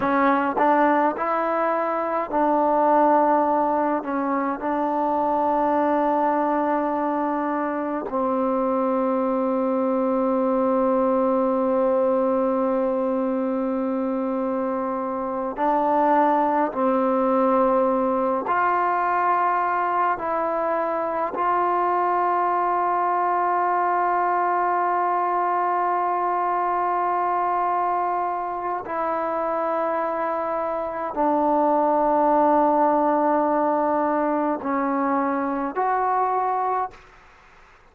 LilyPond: \new Staff \with { instrumentName = "trombone" } { \time 4/4 \tempo 4 = 52 cis'8 d'8 e'4 d'4. cis'8 | d'2. c'4~ | c'1~ | c'4. d'4 c'4. |
f'4. e'4 f'4.~ | f'1~ | f'4 e'2 d'4~ | d'2 cis'4 fis'4 | }